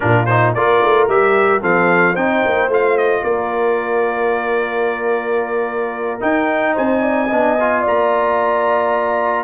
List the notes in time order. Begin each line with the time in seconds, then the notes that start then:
0.00 A#2 D4 F4 A#4
0.25 D#4 C5
0.54 A#3 F4 A#4 D5
0.83 A3
1.08 G3 G4 E5
1.61 F3 C4 A4 F5
2.12 C4 D#4 C5 G5
2.45 A#3
2.68 A3 F4 F5
2.97 D#5
3.23 A#3 A#4 D5
6.20 D#4 G5
6.73 C4 C5 G#5
7.01 D5
7.27 B3 D4 D#5
7.60 F4
7.81 A#3 D5 A#5